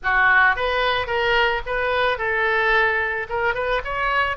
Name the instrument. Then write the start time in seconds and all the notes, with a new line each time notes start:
oboe
0.03 F#4
0.56 B4
1.07 A#4
1.66 B4
2.18 A4
3.29 A#4
3.54 B4
3.84 C#5